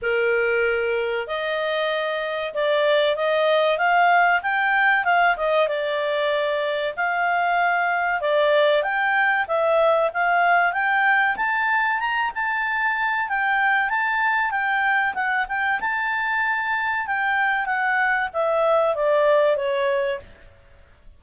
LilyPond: \new Staff \with { instrumentName = "clarinet" } { \time 4/4 \tempo 4 = 95 ais'2 dis''2 | d''4 dis''4 f''4 g''4 | f''8 dis''8 d''2 f''4~ | f''4 d''4 g''4 e''4 |
f''4 g''4 a''4 ais''8 a''8~ | a''4 g''4 a''4 g''4 | fis''8 g''8 a''2 g''4 | fis''4 e''4 d''4 cis''4 | }